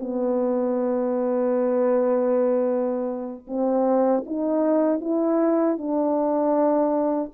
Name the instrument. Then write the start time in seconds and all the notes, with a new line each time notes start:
horn
0.00 B3
3.47 C4
4.26 D#4
5.01 E4
5.78 D4